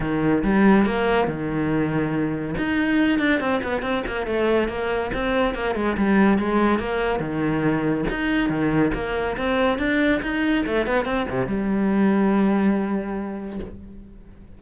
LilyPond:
\new Staff \with { instrumentName = "cello" } { \time 4/4 \tempo 4 = 141 dis4 g4 ais4 dis4~ | dis2 dis'4. d'8 | c'8 b8 c'8 ais8 a4 ais4 | c'4 ais8 gis8 g4 gis4 |
ais4 dis2 dis'4 | dis4 ais4 c'4 d'4 | dis'4 a8 b8 c'8 c8 g4~ | g1 | }